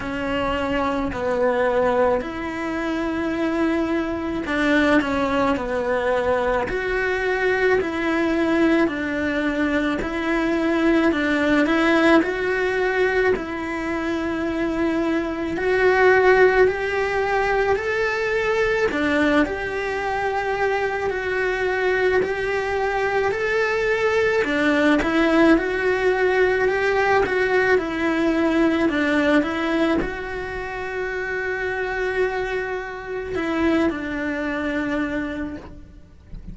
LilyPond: \new Staff \with { instrumentName = "cello" } { \time 4/4 \tempo 4 = 54 cis'4 b4 e'2 | d'8 cis'8 b4 fis'4 e'4 | d'4 e'4 d'8 e'8 fis'4 | e'2 fis'4 g'4 |
a'4 d'8 g'4. fis'4 | g'4 a'4 d'8 e'8 fis'4 | g'8 fis'8 e'4 d'8 e'8 fis'4~ | fis'2 e'8 d'4. | }